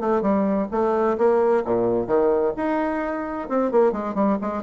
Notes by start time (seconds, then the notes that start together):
0.00 A3
0.22 G3
0.71 A3
1.18 A#3
1.65 A#2
2.07 D#3
2.57 D#4
3.49 C4
3.71 A#3
3.92 G#3
4.15 G3
4.41 G#3